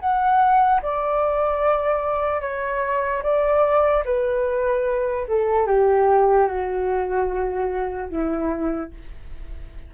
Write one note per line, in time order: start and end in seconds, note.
0.00 0.81 F#5
0.82 2.41 D5
2.41 3.22 C#5
3.23 4.04 D5
4.05 5.27 B4
5.28 5.67 A4
5.67 6.48 G4
6.48 8.10 F#4
8.10 8.91 E4